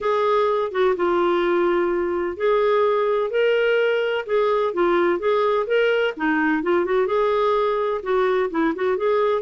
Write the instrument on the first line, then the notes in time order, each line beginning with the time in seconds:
clarinet
0.00 G#4
0.71 F#4
0.96 F4
2.36 G#4
3.30 A#4
4.26 G#4
4.73 F4
5.19 G#4
5.66 A#4
6.16 D#4
6.62 F4
6.85 F#4
7.07 G#4
8.02 F#4
8.50 E4
8.75 F#4
8.97 G#4